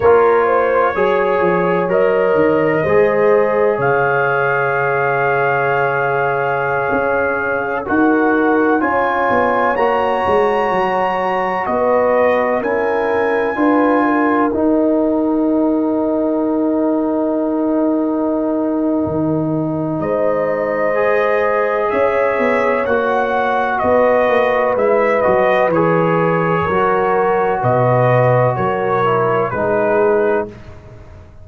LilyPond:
<<
  \new Staff \with { instrumentName = "trumpet" } { \time 4/4 \tempo 4 = 63 cis''2 dis''2 | f''1~ | f''16 fis''4 gis''4 ais''4.~ ais''16~ | ais''16 dis''4 gis''2 g''8.~ |
g''1~ | g''4 dis''2 e''4 | fis''4 dis''4 e''8 dis''8 cis''4~ | cis''4 dis''4 cis''4 b'4 | }
  \new Staff \with { instrumentName = "horn" } { \time 4/4 ais'8 c''8 cis''2 c''4 | cis''1~ | cis''16 ais'4 cis''2~ cis''8.~ | cis''16 b'4 ais'4 b'8 ais'4~ ais'16~ |
ais'1~ | ais'4 c''2 cis''4~ | cis''4 b'2. | ais'4 b'4 ais'4 gis'4 | }
  \new Staff \with { instrumentName = "trombone" } { \time 4/4 f'4 gis'4 ais'4 gis'4~ | gis'1~ | gis'16 fis'4 f'4 fis'4.~ fis'16~ | fis'4~ fis'16 e'4 f'4 dis'8.~ |
dis'1~ | dis'2 gis'2 | fis'2 e'8 fis'8 gis'4 | fis'2~ fis'8 e'8 dis'4 | }
  \new Staff \with { instrumentName = "tuba" } { \time 4/4 ais4 fis8 f8 fis8 dis8 gis4 | cis2.~ cis16 cis'8.~ | cis'16 dis'4 cis'8 b8 ais8 gis8 fis8.~ | fis16 b4 cis'4 d'4 dis'8.~ |
dis'1 | dis4 gis2 cis'8 b8 | ais4 b8 ais8 gis8 fis8 e4 | fis4 b,4 fis4 gis4 | }
>>